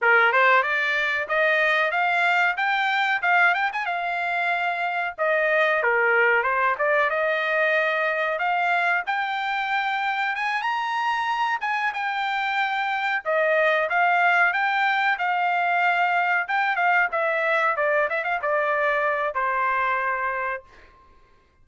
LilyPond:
\new Staff \with { instrumentName = "trumpet" } { \time 4/4 \tempo 4 = 93 ais'8 c''8 d''4 dis''4 f''4 | g''4 f''8 g''16 gis''16 f''2 | dis''4 ais'4 c''8 d''8 dis''4~ | dis''4 f''4 g''2 |
gis''8 ais''4. gis''8 g''4.~ | g''8 dis''4 f''4 g''4 f''8~ | f''4. g''8 f''8 e''4 d''8 | e''16 f''16 d''4. c''2 | }